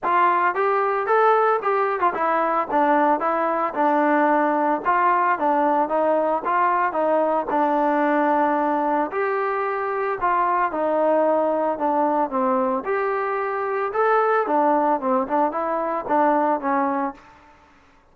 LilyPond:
\new Staff \with { instrumentName = "trombone" } { \time 4/4 \tempo 4 = 112 f'4 g'4 a'4 g'8. f'16 | e'4 d'4 e'4 d'4~ | d'4 f'4 d'4 dis'4 | f'4 dis'4 d'2~ |
d'4 g'2 f'4 | dis'2 d'4 c'4 | g'2 a'4 d'4 | c'8 d'8 e'4 d'4 cis'4 | }